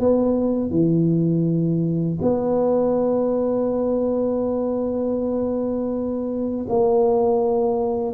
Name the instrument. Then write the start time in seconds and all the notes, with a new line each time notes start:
tuba
0.00 B3
0.70 E3
2.22 B3
6.69 A#3